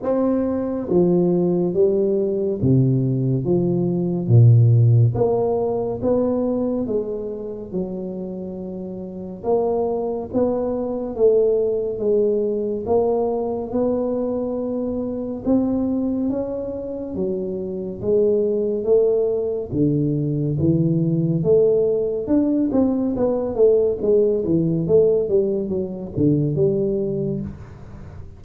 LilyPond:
\new Staff \with { instrumentName = "tuba" } { \time 4/4 \tempo 4 = 70 c'4 f4 g4 c4 | f4 ais,4 ais4 b4 | gis4 fis2 ais4 | b4 a4 gis4 ais4 |
b2 c'4 cis'4 | fis4 gis4 a4 d4 | e4 a4 d'8 c'8 b8 a8 | gis8 e8 a8 g8 fis8 d8 g4 | }